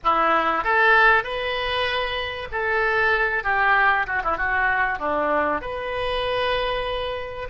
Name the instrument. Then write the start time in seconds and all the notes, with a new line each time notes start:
oboe
0.03 E4
0.63 A4
1.23 B4
2.51 A4
3.43 G4
4.06 F#4
4.23 E4
4.37 F#4
4.98 D4
5.61 B4